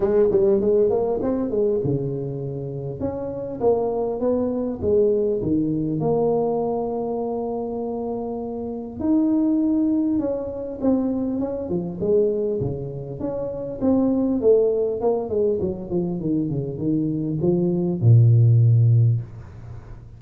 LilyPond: \new Staff \with { instrumentName = "tuba" } { \time 4/4 \tempo 4 = 100 gis8 g8 gis8 ais8 c'8 gis8 cis4~ | cis4 cis'4 ais4 b4 | gis4 dis4 ais2~ | ais2. dis'4~ |
dis'4 cis'4 c'4 cis'8 f8 | gis4 cis4 cis'4 c'4 | a4 ais8 gis8 fis8 f8 dis8 cis8 | dis4 f4 ais,2 | }